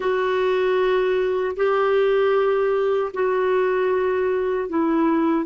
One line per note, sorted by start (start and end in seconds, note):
0.00 1.55 F#4
1.56 3.12 G4
3.13 4.69 F#4
4.69 5.45 E4